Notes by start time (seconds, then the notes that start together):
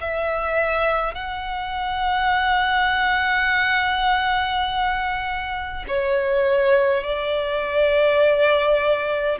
0.00 E5
1.14 F#5
5.87 C#5
7.03 D5